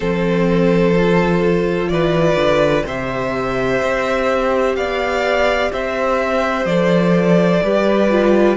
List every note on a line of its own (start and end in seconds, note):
0.00 1.90 F3
0.00 0.93 C4
0.00 1.89 A4
0.00 1.88 C5
0.96 2.86 F4
1.88 2.36 E3
1.88 2.85 B4
1.88 2.83 D5
2.36 2.83 D3
2.85 3.81 C3
2.85 6.68 G4
2.85 4.76 C5
2.85 4.75 E5
3.82 4.76 C4
4.75 5.71 B3
4.75 5.72 D5
4.75 5.71 F5
5.72 6.65 C4
5.72 7.63 C5
5.72 6.65 E5
6.65 7.60 F3
6.65 7.63 A4
6.65 8.56 D5
7.63 8.56 G3
7.63 8.10 G4
7.63 8.56 B4
8.10 8.56 F4